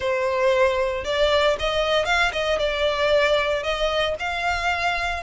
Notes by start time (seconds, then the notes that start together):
0.00 C5
1.04 D5
1.59 D#5
2.05 F5
2.32 D#5
2.58 D5
3.63 D#5
4.19 F5